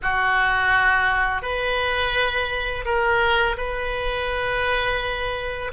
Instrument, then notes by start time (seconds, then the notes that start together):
oboe
0.02 F#4
1.42 B4
2.85 A#4
3.57 B4